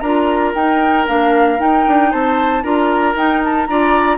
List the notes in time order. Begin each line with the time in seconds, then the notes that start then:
0.00 D4 F4 A#4 A#5
0.55 D#4 G5
1.07 A#3 D4 F5
1.58 D#4 G5
1.87 D4
2.11 C4 C5 A5
2.63 D4 F4 A#4 A#5
3.15 D#4 G5
3.44 A5
3.66 D4 F4 D5 A#5